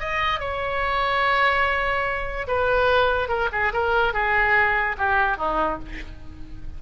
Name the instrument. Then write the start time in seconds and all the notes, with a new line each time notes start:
oboe
0.00 D#5
0.40 C#5
2.48 B4
3.29 A#4
3.52 G#4
3.73 A#4
4.14 G#4
4.98 G4
5.38 D#4